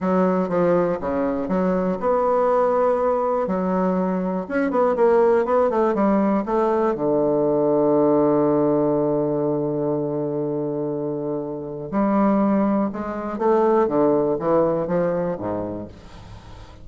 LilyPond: \new Staff \with { instrumentName = "bassoon" } { \time 4/4 \tempo 4 = 121 fis4 f4 cis4 fis4 | b2. fis4~ | fis4 cis'8 b8 ais4 b8 a8 | g4 a4 d2~ |
d1~ | d1 | g2 gis4 a4 | d4 e4 f4 gis,4 | }